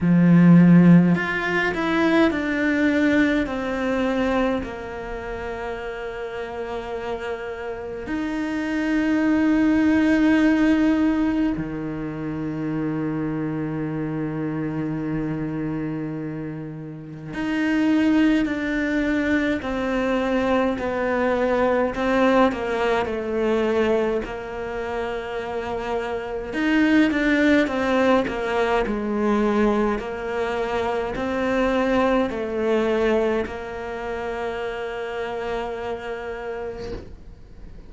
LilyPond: \new Staff \with { instrumentName = "cello" } { \time 4/4 \tempo 4 = 52 f4 f'8 e'8 d'4 c'4 | ais2. dis'4~ | dis'2 dis2~ | dis2. dis'4 |
d'4 c'4 b4 c'8 ais8 | a4 ais2 dis'8 d'8 | c'8 ais8 gis4 ais4 c'4 | a4 ais2. | }